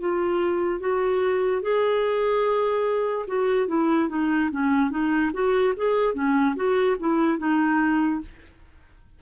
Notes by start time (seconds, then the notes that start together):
0.00 F4
0.80 F#4
1.62 G#4
3.27 F#4
3.68 E4
4.09 D#4
4.51 C#4
4.90 D#4
5.33 F#4
5.76 G#4
6.14 C#4
6.55 F#4
6.99 E4
7.38 D#4